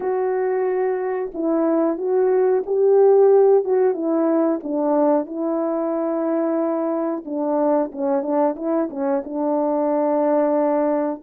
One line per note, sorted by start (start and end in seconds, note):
0.00 1.31 F#4
1.34 1.98 E4
1.98 2.63 F#4
2.66 3.64 G4
3.64 3.94 F#4
3.94 4.60 E4
4.63 5.26 D4
5.26 7.23 E4
7.25 7.91 D4
7.92 8.22 C#4
8.22 8.55 D4
8.55 8.88 E4
8.90 9.22 C#4
9.24 11.22 D4